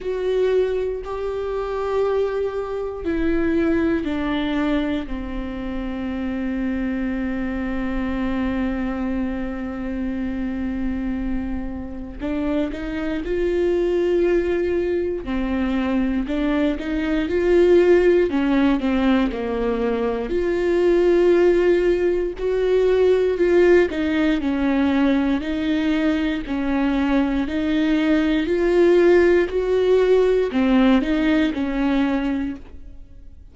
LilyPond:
\new Staff \with { instrumentName = "viola" } { \time 4/4 \tempo 4 = 59 fis'4 g'2 e'4 | d'4 c'2.~ | c'1 | d'8 dis'8 f'2 c'4 |
d'8 dis'8 f'4 cis'8 c'8 ais4 | f'2 fis'4 f'8 dis'8 | cis'4 dis'4 cis'4 dis'4 | f'4 fis'4 c'8 dis'8 cis'4 | }